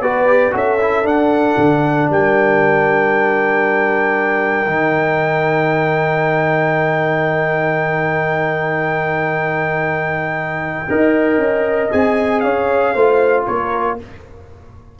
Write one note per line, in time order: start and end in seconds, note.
0.00 0.52 B3
0.00 0.26 F#4
0.00 0.54 B4
0.00 0.53 D5
0.26 0.51 G4
0.51 1.04 C#4
0.51 0.77 F#4
0.51 2.09 A4
0.51 1.06 E5
0.81 1.03 E4
1.03 4.65 D4
1.03 1.55 D4
1.03 2.10 F#5
1.57 2.09 D3
2.09 4.66 G3
2.09 10.89 A#4
2.09 11.92 G5
4.66 10.87 D#3
4.66 10.87 D#4
10.89 11.37 D#4
10.89 11.91 A#4
10.89 12.44 D#5
11.37 11.89 C#4
11.91 12.43 C4
11.91 12.95 G#4
11.91 12.40 G#5
12.40 12.95 C#4
12.40 12.94 C#5
12.40 13.43 F5
12.94 13.46 A3
12.94 13.99 F4
12.94 13.45 C5
13.46 13.99 A#3
13.46 13.98 A#4
13.46 13.98 C#5